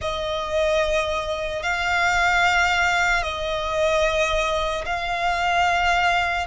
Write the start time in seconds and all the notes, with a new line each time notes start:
0.01 D#5
1.62 F5
3.22 D#5
4.85 F5